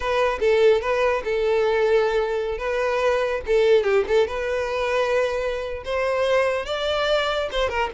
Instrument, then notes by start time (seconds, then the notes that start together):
violin
0.00 B4
0.40 A4
0.81 B4
1.24 A4
2.58 B4
3.46 A4
3.83 G4
4.07 A4
4.27 B4
5.84 C5
6.65 D5
7.51 C5
7.69 A#4